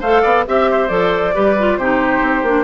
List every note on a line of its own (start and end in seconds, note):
0.00 0.23 A3
0.00 0.47 A4
0.00 0.21 C5
0.00 0.46 F5
0.21 0.46 B3
0.21 0.44 D5
0.47 0.90 C4
0.47 0.89 G4
0.47 0.88 E5
0.47 0.70 E5
0.70 1.34 C5
0.88 1.34 F3
0.88 1.33 A4
0.88 1.77 D5
1.34 1.77 G3
1.34 1.56 G4
1.34 1.78 B4
1.58 1.81 F4
1.77 2.21 C3
1.77 2.46 D#4
1.77 2.64 G4
1.77 2.64 C5
2.21 2.42 C4
2.42 2.64 A#3
2.42 2.64 D4